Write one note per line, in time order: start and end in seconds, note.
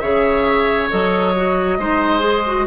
0.00 0.90 C#3
0.00 0.90 G#4
0.00 1.78 C#5
0.00 0.88 E5
0.90 1.79 F#3
0.90 1.34 A4
0.90 2.67 D#5
1.36 1.80 F#4
1.79 2.67 G#3
1.79 2.20 D#4
1.79 2.67 C5
2.20 2.42 G#4
2.47 2.67 F#4